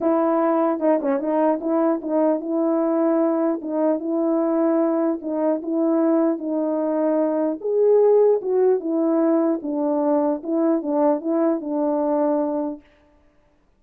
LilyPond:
\new Staff \with { instrumentName = "horn" } { \time 4/4 \tempo 4 = 150 e'2 dis'8 cis'8 dis'4 | e'4 dis'4 e'2~ | e'4 dis'4 e'2~ | e'4 dis'4 e'2 |
dis'2. gis'4~ | gis'4 fis'4 e'2 | d'2 e'4 d'4 | e'4 d'2. | }